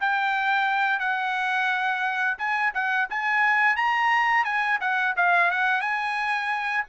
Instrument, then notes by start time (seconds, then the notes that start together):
trumpet
0.00 G5
0.99 F#5
2.38 G#5
2.74 F#5
3.10 G#5
3.76 A#5
4.45 G#5
4.81 F#5
5.16 F5
5.51 F#5
5.81 G#5